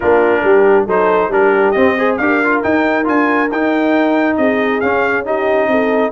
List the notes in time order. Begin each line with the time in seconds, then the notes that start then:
0.00 A#3 D4 F4 A#4
0.43 G3 G4
0.86 F#3 D#4 A4 C5
1.28 G3 D4 G4 A#4
1.71 C4 D#5
1.97 G#4 C5
2.17 D4 G4 A#4 F5
2.43 F4
2.63 D#4 G5
3.04 D4 F4 G#5
3.51 D#4 G5
4.37 C4 G#4 D#5
4.80 C#4 F5
5.24 D#4 G4 D#5
5.67 C4 A4